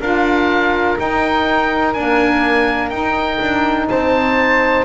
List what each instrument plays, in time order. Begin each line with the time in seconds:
0.00 double bass D4, saxophone F4, flute A#4, oboe F5
0.97 saxophone D#4, double bass D#4, oboe G5
1.94 saxophone A#3, double bass D4, oboe G#5
2.89 double bass D#4, saxophone D#4, oboe G5
3.41 double bass D4
3.89 double bass C4, flute C5, oboe A5